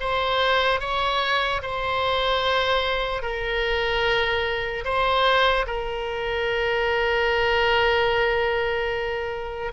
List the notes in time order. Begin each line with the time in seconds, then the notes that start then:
0.00 C5
0.80 C#5
1.62 C5
3.22 A#4
4.85 C5
5.66 A#4